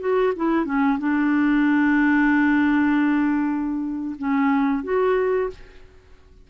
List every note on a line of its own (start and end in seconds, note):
0.00 0.33 F#4
0.36 0.65 E4
0.65 0.98 C#4
0.99 4.15 D4
4.18 4.83 C#4
4.83 5.50 F#4